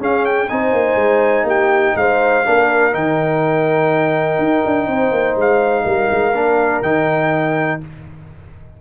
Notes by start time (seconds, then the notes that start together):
0.00 C#4 G#4 F5
0.26 G5
0.49 C4 D#4 C5 G#5
0.73 A#3
0.96 G#3
1.44 A#3 G4 G5
1.96 G#3 C5 F5
2.45 A#3 D4 A#4
2.92 D#3 D#4 G5
4.39 D#4
4.66 D4
4.88 C4 C5
5.12 A#3
5.36 G#3 F5
5.85 G3 A#4
6.12 G#3
6.33 A#3 D4
6.83 D#3 D#4 G5